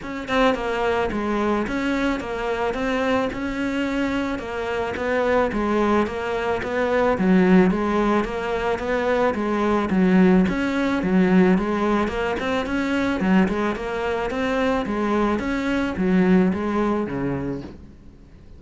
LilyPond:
\new Staff \with { instrumentName = "cello" } { \time 4/4 \tempo 4 = 109 cis'8 c'8 ais4 gis4 cis'4 | ais4 c'4 cis'2 | ais4 b4 gis4 ais4 | b4 fis4 gis4 ais4 |
b4 gis4 fis4 cis'4 | fis4 gis4 ais8 c'8 cis'4 | fis8 gis8 ais4 c'4 gis4 | cis'4 fis4 gis4 cis4 | }